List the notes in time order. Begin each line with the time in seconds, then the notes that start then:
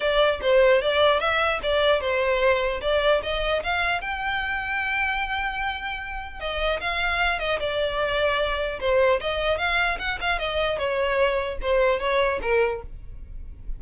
0.00 D5
0.41 C5
0.81 D5
1.20 E5
1.63 D5
2.00 C5
2.81 D5
3.23 D#5
3.63 F5
4.01 G5
6.39 D#5
6.80 F5
7.39 D#5
7.59 D5
8.80 C5
9.20 D#5
9.58 F5
9.99 F#5
10.20 F5
10.38 D#5
10.78 C#5
11.61 C5
11.99 C#5
12.42 A#4